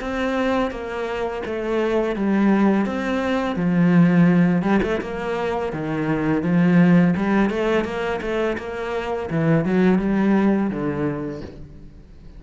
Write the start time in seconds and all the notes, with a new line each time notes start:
0.00 C4
0.71 A#3
1.45 A3
2.16 G3
2.86 C4
3.56 F3
4.62 G3
4.82 A3
5.01 A#3
5.72 D#3
6.43 F3
7.16 G3
7.50 A3
7.84 A#3
8.21 A3
8.57 A#3
9.30 E3
9.65 F#3
9.98 G3
10.70 D3